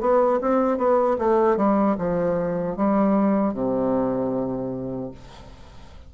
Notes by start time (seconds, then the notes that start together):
0.00 B3
0.41 C4
0.77 B3
1.18 A3
1.56 G3
1.98 F3
2.76 G3
3.53 C3